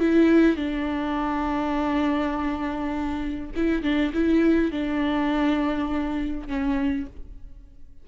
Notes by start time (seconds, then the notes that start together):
0.00 E4
0.56 D4
3.56 E4
3.83 D4
4.14 E4
4.71 D4
6.47 C#4